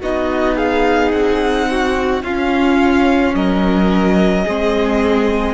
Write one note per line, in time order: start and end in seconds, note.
0.00 1.12 B3
0.00 2.25 D#4
0.00 0.55 F#4
0.00 0.57 D#5
0.55 1.66 G#4
0.55 1.11 F5
1.11 2.22 C4
1.11 2.22 F#5
1.70 2.24 F#4
2.22 3.33 C#4
2.22 4.47 C#4
2.22 3.35 F4
2.22 3.34 F5
3.34 4.45 F#3
3.34 4.44 A#4
3.34 5.54 D#5
4.44 5.54 G#3
4.44 5.54 C4
4.44 5.54 G#4